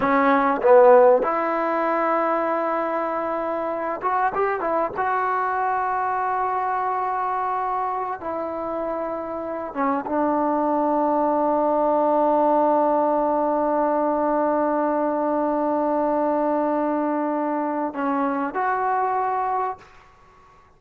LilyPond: \new Staff \with { instrumentName = "trombone" } { \time 4/4 \tempo 4 = 97 cis'4 b4 e'2~ | e'2~ e'8 fis'8 g'8 e'8 | fis'1~ | fis'4~ fis'16 e'2~ e'8 cis'16~ |
cis'16 d'2.~ d'8.~ | d'1~ | d'1~ | d'4 cis'4 fis'2 | }